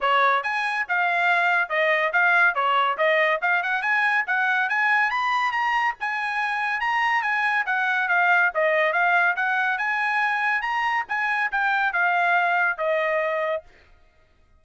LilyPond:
\new Staff \with { instrumentName = "trumpet" } { \time 4/4 \tempo 4 = 141 cis''4 gis''4 f''2 | dis''4 f''4 cis''4 dis''4 | f''8 fis''8 gis''4 fis''4 gis''4 | b''4 ais''4 gis''2 |
ais''4 gis''4 fis''4 f''4 | dis''4 f''4 fis''4 gis''4~ | gis''4 ais''4 gis''4 g''4 | f''2 dis''2 | }